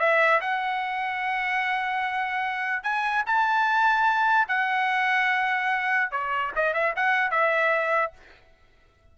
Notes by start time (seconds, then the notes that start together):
0.00 E5
0.41 F#5
2.83 G#5
3.26 A5
4.48 F#5
6.11 C#5
6.56 D#5
6.74 E5
6.96 F#5
7.31 E5